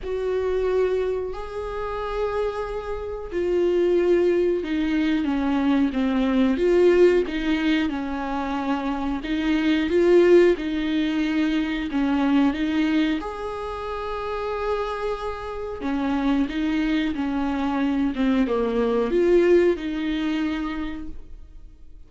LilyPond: \new Staff \with { instrumentName = "viola" } { \time 4/4 \tempo 4 = 91 fis'2 gis'2~ | gis'4 f'2 dis'4 | cis'4 c'4 f'4 dis'4 | cis'2 dis'4 f'4 |
dis'2 cis'4 dis'4 | gis'1 | cis'4 dis'4 cis'4. c'8 | ais4 f'4 dis'2 | }